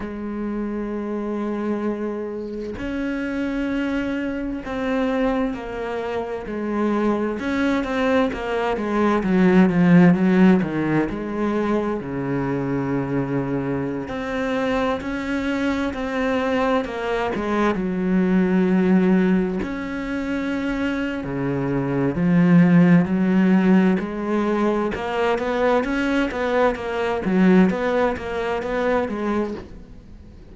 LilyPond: \new Staff \with { instrumentName = "cello" } { \time 4/4 \tempo 4 = 65 gis2. cis'4~ | cis'4 c'4 ais4 gis4 | cis'8 c'8 ais8 gis8 fis8 f8 fis8 dis8 | gis4 cis2~ cis16 c'8.~ |
c'16 cis'4 c'4 ais8 gis8 fis8.~ | fis4~ fis16 cis'4.~ cis'16 cis4 | f4 fis4 gis4 ais8 b8 | cis'8 b8 ais8 fis8 b8 ais8 b8 gis8 | }